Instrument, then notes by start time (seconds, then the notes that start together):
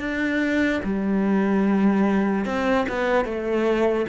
cello
0.00 D4
0.84 G3
2.45 C4
2.89 B3
3.25 A3